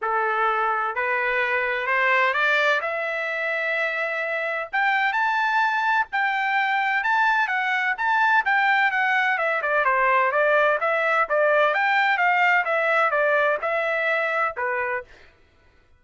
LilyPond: \new Staff \with { instrumentName = "trumpet" } { \time 4/4 \tempo 4 = 128 a'2 b'2 | c''4 d''4 e''2~ | e''2 g''4 a''4~ | a''4 g''2 a''4 |
fis''4 a''4 g''4 fis''4 | e''8 d''8 c''4 d''4 e''4 | d''4 g''4 f''4 e''4 | d''4 e''2 b'4 | }